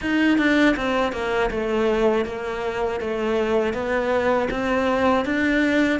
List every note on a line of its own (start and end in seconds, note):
0.01 0.38 D#4
0.38 0.75 D4
0.76 1.12 C4
1.12 1.50 A#3
1.50 2.25 A3
2.25 3.00 A#3
3.00 3.73 A3
3.73 4.48 B3
4.50 5.25 C4
5.25 5.99 D4